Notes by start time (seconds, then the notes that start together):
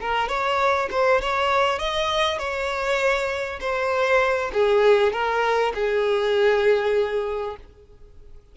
0.00 A#4
0.28 C#5
0.91 C5
1.21 C#5
1.79 D#5
2.38 C#5
3.60 C5
4.53 G#4
5.12 A#4
5.74 G#4